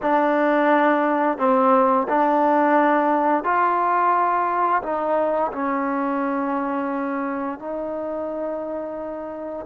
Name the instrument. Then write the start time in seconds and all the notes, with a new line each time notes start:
trombone
0.02 D4
1.38 C4
2.08 D4
3.44 F4
4.82 D#4
5.52 C#4
7.59 D#4